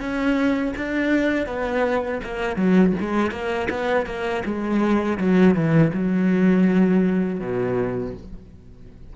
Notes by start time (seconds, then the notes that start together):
0.00 C#4
0.77 D4
1.47 B3
2.24 A#3
2.56 F#3
3.01 G#3
3.32 A#3
3.71 B3
4.06 A#3
4.46 G#3
5.18 F#3
5.55 E3
5.93 F#3
7.40 B2